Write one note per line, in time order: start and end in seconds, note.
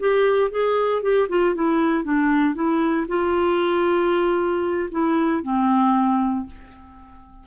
0.00 0.51 G4
0.51 1.03 G#4
1.03 1.28 G4
1.29 1.55 F4
1.55 2.05 E4
2.05 2.55 D4
2.55 3.07 E4
3.08 4.89 F4
4.92 5.43 E4
5.43 6.47 C4